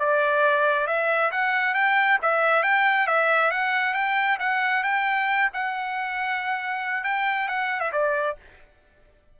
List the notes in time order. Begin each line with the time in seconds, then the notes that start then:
0.00 D5
0.88 E5
1.32 F#5
1.75 G5
2.22 E5
2.64 G5
3.07 E5
3.52 F#5
3.94 G5
4.40 F#5
4.84 G5
5.54 F#5
7.04 G5
7.49 F#5
7.81 E5
7.93 D5